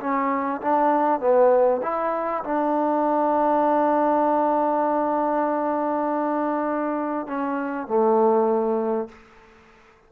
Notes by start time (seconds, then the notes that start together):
0.00 C#4
0.61 D4
1.20 B3
1.83 E4
2.44 D4
7.27 C#4
7.87 A3